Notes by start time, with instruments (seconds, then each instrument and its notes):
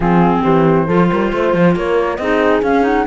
0.00 cello F3, clarinet C4, horn F4, flute G#4
0.42 cello E3, horn G4, flute C5
0.87 cello F3, clarinet F4, horn A4
1.12 cello G3, horn A#4
1.31 cello A3, horn C5
1.53 cello F3
1.75 cello A#3, horn A#4, flute C#5
2.16 cello C4, clarinet D#4, horn G#4, flute D#5
2.62 cello C#4, clarinet C#4, flute F5
2.82 clarinet D#4, flute F#5